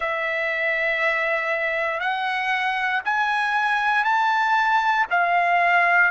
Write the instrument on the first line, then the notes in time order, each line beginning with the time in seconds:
trumpet
0.00 E5
2.00 F#5
3.04 G#5
4.04 A5
5.10 F5